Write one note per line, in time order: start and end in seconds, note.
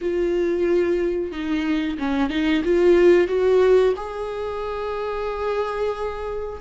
0.01 1.31 F4
1.31 1.97 D#4
1.98 2.29 C#4
2.29 2.62 D#4
2.64 3.27 F4
3.27 3.93 F#4
3.96 6.60 G#4